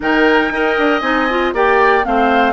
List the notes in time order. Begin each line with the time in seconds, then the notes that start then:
0.00 D#3 D#4 A#4 G5
0.50 D#4 A#4 D#5
0.78 D4
0.99 C4 D#4 G#5
1.29 F4
1.53 A#3 G4 D5 G5
2.03 A3 C4 C5 F5